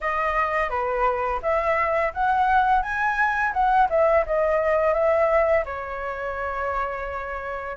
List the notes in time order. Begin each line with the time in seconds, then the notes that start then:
0.01 D#5
0.69 B4
1.42 E5
2.13 F#5
2.82 G#5
3.53 F#5
3.89 E5
4.25 D#5
4.93 E5
5.65 C#5